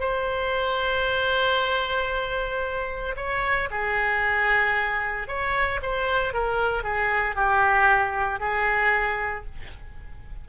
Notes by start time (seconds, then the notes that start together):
0.00 C5
3.16 C#5
3.70 G#4
5.28 C#5
5.82 C5
6.33 A#4
6.83 G#4
7.35 G4
8.40 G#4